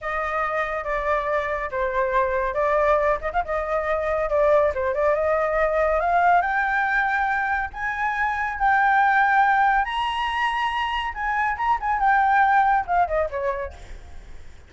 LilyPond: \new Staff \with { instrumentName = "flute" } { \time 4/4 \tempo 4 = 140 dis''2 d''2 | c''2 d''4. dis''16 f''16 | dis''2 d''4 c''8 d''8 | dis''2 f''4 g''4~ |
g''2 gis''2 | g''2. ais''4~ | ais''2 gis''4 ais''8 gis''8 | g''2 f''8 dis''8 cis''4 | }